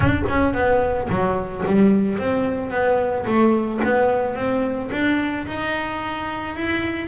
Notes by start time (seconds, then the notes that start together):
0.00 D4
0.28 C#4
0.53 B3
1.09 F#3
1.66 G3
2.18 C4
2.70 B3
3.26 A3
3.84 B3
4.35 C4
4.91 D4
5.46 D#4
6.55 E4